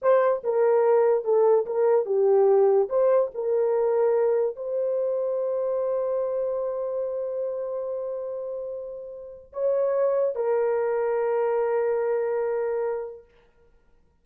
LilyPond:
\new Staff \with { instrumentName = "horn" } { \time 4/4 \tempo 4 = 145 c''4 ais'2 a'4 | ais'4 g'2 c''4 | ais'2. c''4~ | c''1~ |
c''1~ | c''2. cis''4~ | cis''4 ais'2.~ | ais'1 | }